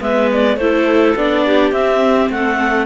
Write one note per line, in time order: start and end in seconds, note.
0.00 0.57 G#3
0.00 0.57 B3
0.00 0.58 B4
0.00 0.31 E5
0.34 0.58 D5
0.57 1.14 A3
0.57 1.17 E4
0.57 1.46 A4
0.57 1.15 C5
1.16 1.72 B3
1.16 1.73 D4
1.16 1.73 D5
1.46 2.32 G4
1.72 2.29 C4
1.72 2.86 C4
1.72 2.30 E5
2.30 2.86 A3
2.30 2.86 A4
2.30 2.86 F#5